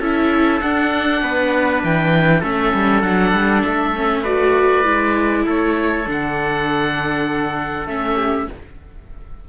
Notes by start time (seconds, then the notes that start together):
0.00 C#4 E4 A4 E5
0.61 D4 F#5
1.22 B3 B4
1.83 E3 G5
2.40 A3 C#4 A4 E5
2.74 G3
3.02 F#3 D4 F#5
3.33 G3
3.64 A3 E5
3.96 C#4
4.22 F#4 B4 D5
4.84 G#3 E4
5.46 A3 A4 C#5
6.07 D3 D4 F#5
7.86 A3 C#4 E5
8.16 G4